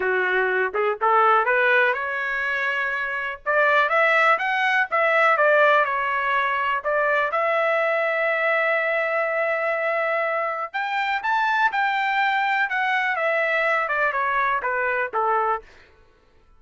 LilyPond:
\new Staff \with { instrumentName = "trumpet" } { \time 4/4 \tempo 4 = 123 fis'4. gis'8 a'4 b'4 | cis''2. d''4 | e''4 fis''4 e''4 d''4 | cis''2 d''4 e''4~ |
e''1~ | e''2 g''4 a''4 | g''2 fis''4 e''4~ | e''8 d''8 cis''4 b'4 a'4 | }